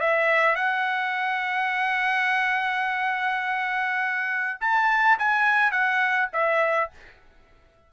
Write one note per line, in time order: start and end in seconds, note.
0.00 0.55 E5
0.55 4.59 F#5
4.60 5.18 A5
5.18 5.71 G#5
5.71 6.29 F#5
6.33 6.90 E5